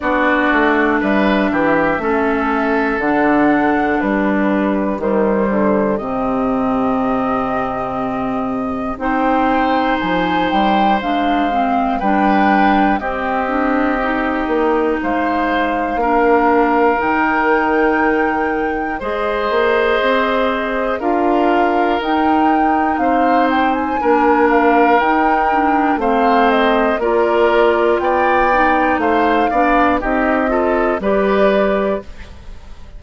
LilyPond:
<<
  \new Staff \with { instrumentName = "flute" } { \time 4/4 \tempo 4 = 60 d''4 e''2 fis''4 | b'4 c''4 dis''2~ | dis''4 g''4 gis''8 g''8 f''4 | g''4 dis''2 f''4~ |
f''4 g''2 dis''4~ | dis''4 f''4 g''4 f''8 g''16 gis''16~ | gis''8 f''8 g''4 f''8 dis''8 d''4 | g''4 f''4 dis''4 d''4 | }
  \new Staff \with { instrumentName = "oboe" } { \time 4/4 fis'4 b'8 g'8 a'2 | g'1~ | g'4 c''2. | b'4 g'2 c''4 |
ais'2. c''4~ | c''4 ais'2 c''4 | ais'2 c''4 ais'4 | d''4 c''8 d''8 g'8 a'8 b'4 | }
  \new Staff \with { instrumentName = "clarinet" } { \time 4/4 d'2 cis'4 d'4~ | d'4 g4 c'2~ | c'4 dis'2 d'8 c'8 | d'4 c'8 d'8 dis'2 |
d'4 dis'2 gis'4~ | gis'4 f'4 dis'2 | d'4 dis'8 d'8 c'4 f'4~ | f'8 dis'4 d'8 dis'8 f'8 g'4 | }
  \new Staff \with { instrumentName = "bassoon" } { \time 4/4 b8 a8 g8 e8 a4 d4 | g4 dis8 d8 c2~ | c4 c'4 f8 g8 gis4 | g4 c'4. ais8 gis4 |
ais4 dis2 gis8 ais8 | c'4 d'4 dis'4 c'4 | ais4 dis'4 a4 ais4 | b4 a8 b8 c'4 g4 | }
>>